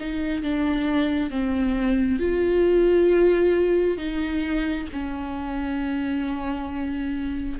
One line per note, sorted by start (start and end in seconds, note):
0.00 0.43 D#4
0.43 1.30 D4
1.30 2.19 C4
2.19 3.98 F4
3.98 4.87 D#4
4.93 7.60 C#4